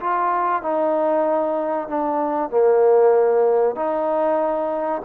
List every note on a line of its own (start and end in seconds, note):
0.00 0.62 F4
0.62 1.88 D#4
1.88 2.50 D4
2.50 3.75 A#3
3.75 5.02 D#4